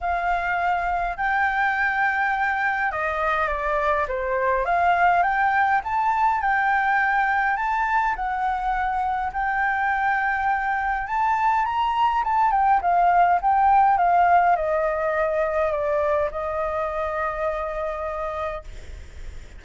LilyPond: \new Staff \with { instrumentName = "flute" } { \time 4/4 \tempo 4 = 103 f''2 g''2~ | g''4 dis''4 d''4 c''4 | f''4 g''4 a''4 g''4~ | g''4 a''4 fis''2 |
g''2. a''4 | ais''4 a''8 g''8 f''4 g''4 | f''4 dis''2 d''4 | dis''1 | }